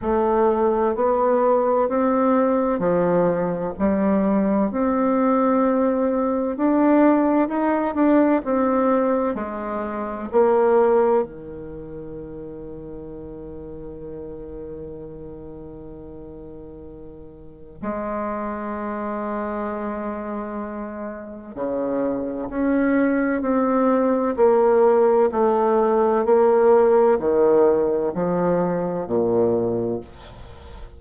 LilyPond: \new Staff \with { instrumentName = "bassoon" } { \time 4/4 \tempo 4 = 64 a4 b4 c'4 f4 | g4 c'2 d'4 | dis'8 d'8 c'4 gis4 ais4 | dis1~ |
dis2. gis4~ | gis2. cis4 | cis'4 c'4 ais4 a4 | ais4 dis4 f4 ais,4 | }